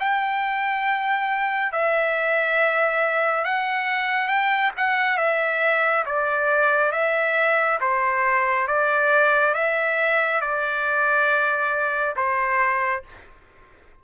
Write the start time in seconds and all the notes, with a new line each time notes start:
0.00 G5
1.72 E5
3.45 F#5
4.28 G5
4.77 F#5
5.17 E5
6.06 D5
6.92 E5
7.81 C5
8.67 D5
9.54 E5
10.41 D5
12.16 C5